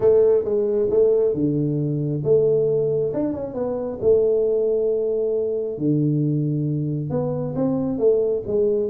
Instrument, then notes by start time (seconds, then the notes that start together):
tuba
0.00 A3
0.44 G#3
0.90 A3
1.33 D3
2.24 A3
3.13 D4
3.33 C#4
3.54 B3
4.01 A3
5.78 D3
7.10 B3
7.55 C4
7.98 A3
8.46 G#3